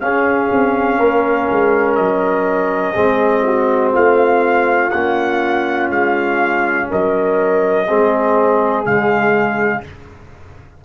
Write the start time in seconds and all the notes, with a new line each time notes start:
0.00 C#4 G#4 F5
0.51 C4
0.99 A#3 A#4
1.50 G#3
1.95 F#3 D#5
2.93 G#3 C4 G#4
3.46 F#4
3.93 A3 F4 F5
4.90 A#3 C#4 F#5
5.89 G#3 F5
6.90 F#3 A#4 D#5
7.87 G#3 C4 G#4
8.85 C#3 G#3 F5